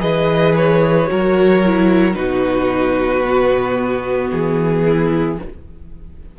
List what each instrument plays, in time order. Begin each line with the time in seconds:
0.00 cello E3, viola G#4, violin B4 D#5
0.57 violin C#5
1.07 cello F#3, viola F#4, violin A#4
1.66 viola E4
2.14 cello B2, viola D#4, violin F#4 B4
3.25 viola B3
4.32 cello E3, violin G#4
4.85 violin E4